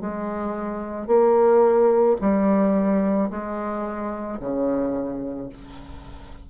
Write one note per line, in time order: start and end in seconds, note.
0.00 1.07 G#3
1.07 2.16 A#3
2.21 3.30 G3
3.30 4.39 G#3
4.39 5.48 C#3